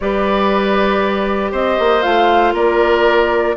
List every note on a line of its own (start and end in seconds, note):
0.00 1.52 G3
0.00 2.02 G4
0.00 1.51 B4
0.00 1.53 D5
1.51 1.77 C4
1.51 2.53 C5
1.51 2.02 D#5
1.79 2.04 A#3
2.02 2.53 A3
2.02 3.55 F4
2.02 2.53 F5
2.53 3.54 A#3
2.53 3.55 A#4
2.53 3.56 D5